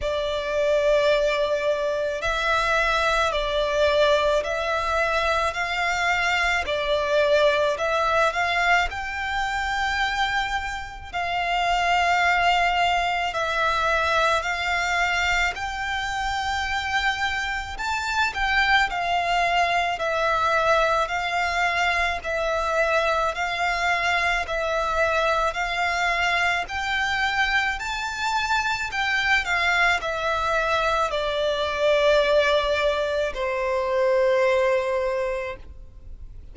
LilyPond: \new Staff \with { instrumentName = "violin" } { \time 4/4 \tempo 4 = 54 d''2 e''4 d''4 | e''4 f''4 d''4 e''8 f''8 | g''2 f''2 | e''4 f''4 g''2 |
a''8 g''8 f''4 e''4 f''4 | e''4 f''4 e''4 f''4 | g''4 a''4 g''8 f''8 e''4 | d''2 c''2 | }